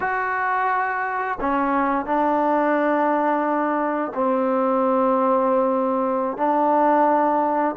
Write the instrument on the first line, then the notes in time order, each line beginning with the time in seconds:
trombone
0.00 F#4
1.40 C#4
2.05 D4
4.14 C4
6.37 D4